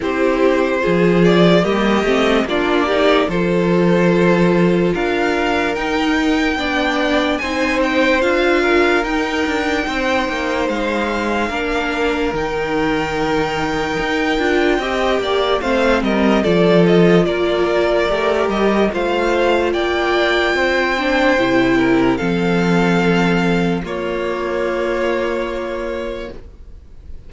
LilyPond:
<<
  \new Staff \with { instrumentName = "violin" } { \time 4/4 \tempo 4 = 73 c''4. d''8 dis''4 d''4 | c''2 f''4 g''4~ | g''4 gis''8 g''8 f''4 g''4~ | g''4 f''2 g''4~ |
g''2. f''8 dis''8 | d''8 dis''8 d''4. dis''8 f''4 | g''2. f''4~ | f''4 cis''2. | }
  \new Staff \with { instrumentName = "violin" } { \time 4/4 g'4 gis'4 g'4 f'8 g'8 | a'2 ais'2 | d''4 c''4. ais'4. | c''2 ais'2~ |
ais'2 dis''8 d''8 c''8 ais'8 | a'4 ais'2 c''4 | d''4 c''4. ais'8 a'4~ | a'4 f'2. | }
  \new Staff \with { instrumentName = "viola" } { \time 4/4 e'4 f'4 ais8 c'8 d'8 dis'8 | f'2. dis'4 | d'4 dis'4 f'4 dis'4~ | dis'2 d'4 dis'4~ |
dis'4. f'8 g'4 c'4 | f'2 g'4 f'4~ | f'4. d'8 e'4 c'4~ | c'4 ais2. | }
  \new Staff \with { instrumentName = "cello" } { \time 4/4 c'4 f4 g8 a8 ais4 | f2 d'4 dis'4 | b4 c'4 d'4 dis'8 d'8 | c'8 ais8 gis4 ais4 dis4~ |
dis4 dis'8 d'8 c'8 ais8 a8 g8 | f4 ais4 a8 g8 a4 | ais4 c'4 c4 f4~ | f4 ais2. | }
>>